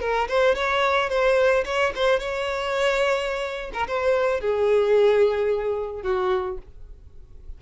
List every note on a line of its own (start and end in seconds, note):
0.00 0.28 A#4
0.28 0.55 C5
0.55 1.09 C#5
1.09 1.64 C5
1.65 1.92 C#5
1.95 2.19 C5
2.19 3.71 C#5
3.73 3.87 A#4
3.87 4.40 C5
4.40 6.02 G#4
6.02 6.57 F#4